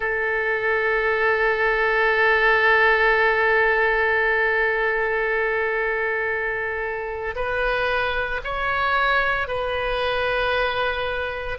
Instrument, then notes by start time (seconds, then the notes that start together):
oboe
0.00 A4
7.35 B4
8.44 C#5
9.47 B4